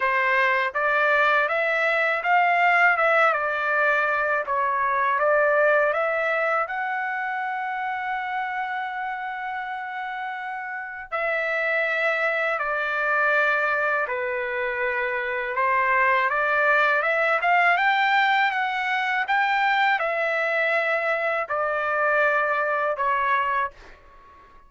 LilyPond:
\new Staff \with { instrumentName = "trumpet" } { \time 4/4 \tempo 4 = 81 c''4 d''4 e''4 f''4 | e''8 d''4. cis''4 d''4 | e''4 fis''2.~ | fis''2. e''4~ |
e''4 d''2 b'4~ | b'4 c''4 d''4 e''8 f''8 | g''4 fis''4 g''4 e''4~ | e''4 d''2 cis''4 | }